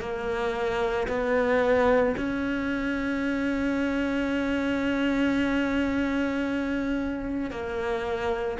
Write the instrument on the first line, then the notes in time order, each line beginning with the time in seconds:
cello
0.00 A#3
1.08 B3
2.17 C#4
7.50 A#3